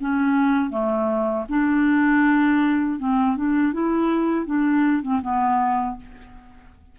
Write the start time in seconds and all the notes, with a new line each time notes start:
0.00 C#4
0.70 A3
1.49 D4
2.99 C4
3.36 D4
3.73 E4
4.46 D4
5.02 C4
5.22 B3